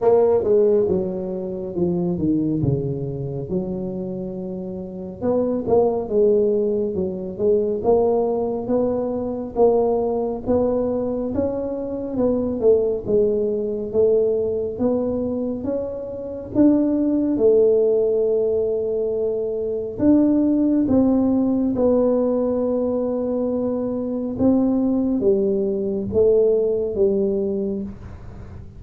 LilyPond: \new Staff \with { instrumentName = "tuba" } { \time 4/4 \tempo 4 = 69 ais8 gis8 fis4 f8 dis8 cis4 | fis2 b8 ais8 gis4 | fis8 gis8 ais4 b4 ais4 | b4 cis'4 b8 a8 gis4 |
a4 b4 cis'4 d'4 | a2. d'4 | c'4 b2. | c'4 g4 a4 g4 | }